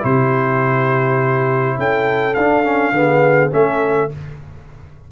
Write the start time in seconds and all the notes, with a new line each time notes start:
0.00 C3 E4 G4 C5
1.77 C#4 A4 G5
2.34 D4 F5
2.63 C#4
2.92 D3 B3 G#4
3.51 A3 C#4 A4 E5